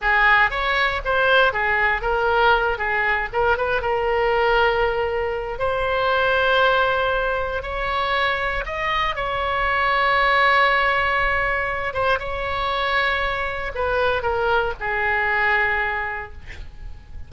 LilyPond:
\new Staff \with { instrumentName = "oboe" } { \time 4/4 \tempo 4 = 118 gis'4 cis''4 c''4 gis'4 | ais'4. gis'4 ais'8 b'8 ais'8~ | ais'2. c''4~ | c''2. cis''4~ |
cis''4 dis''4 cis''2~ | cis''2.~ cis''8 c''8 | cis''2. b'4 | ais'4 gis'2. | }